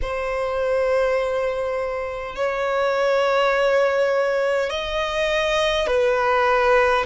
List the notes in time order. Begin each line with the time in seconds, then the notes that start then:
0.01 C5
2.35 C#5
4.70 D#5
5.86 B4